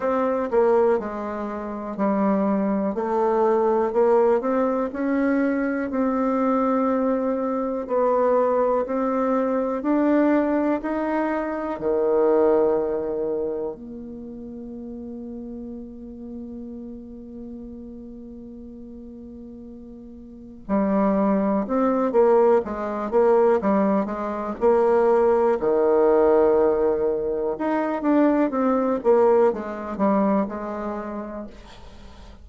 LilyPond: \new Staff \with { instrumentName = "bassoon" } { \time 4/4 \tempo 4 = 61 c'8 ais8 gis4 g4 a4 | ais8 c'8 cis'4 c'2 | b4 c'4 d'4 dis'4 | dis2 ais2~ |
ais1~ | ais4 g4 c'8 ais8 gis8 ais8 | g8 gis8 ais4 dis2 | dis'8 d'8 c'8 ais8 gis8 g8 gis4 | }